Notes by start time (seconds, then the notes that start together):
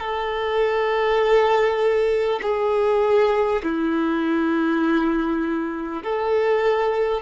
0.00 A4
2.42 G#4
3.63 E4
6.04 A4